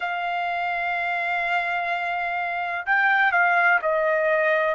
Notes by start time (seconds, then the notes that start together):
0.00 F5
2.86 G5
3.32 F5
3.81 D#5